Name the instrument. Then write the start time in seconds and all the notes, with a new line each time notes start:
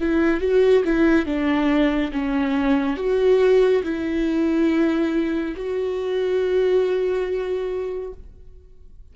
viola
0.00 E4
0.40 F#4
0.85 E4
1.25 D4
2.12 C#4
2.96 F#4
3.83 E4
5.56 F#4